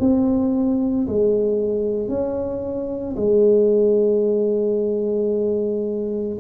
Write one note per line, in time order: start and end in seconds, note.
0.00 1.07 C4
1.08 2.08 G#3
2.08 3.16 C#4
3.17 6.38 G#3